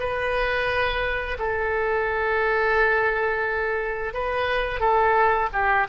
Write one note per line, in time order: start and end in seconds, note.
0.00 1.38 B4
1.39 4.14 A4
4.14 4.81 B4
4.81 5.50 A4
5.53 5.88 G4